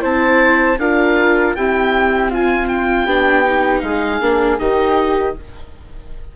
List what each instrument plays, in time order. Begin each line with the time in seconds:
0.00 bassoon C4, viola E4, flute C5, oboe A5
0.78 bassoon D4, viola F4, flute A#4, oboe F5
1.55 viola C4, bassoon E4, flute G4, oboe G5
2.30 flute F4, bassoon F4, oboe G#5
2.68 oboe G5
3.05 bassoon B3, viola D4, flute G4
3.45 viola D#4
3.80 bassoon G#3, flute G#4, oboe F5
4.21 bassoon A#3, viola D4
4.59 bassoon D#3, viola D#4, flute G4, oboe D#5